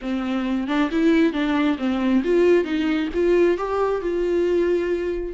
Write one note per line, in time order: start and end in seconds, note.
0.01 0.67 C4
0.67 0.89 D4
0.91 1.32 E4
1.32 1.77 D4
1.78 2.22 C4
2.24 2.64 F4
2.64 3.08 D#4
3.14 3.57 F4
3.57 4.01 G4
4.01 5.33 F4